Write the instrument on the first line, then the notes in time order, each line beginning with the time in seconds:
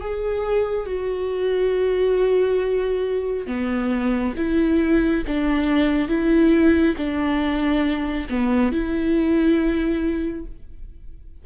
viola
0.00 G#4
0.86 F#4
3.47 B3
4.36 E4
5.27 D4
6.08 E4
6.97 D4
8.29 B3
8.72 E4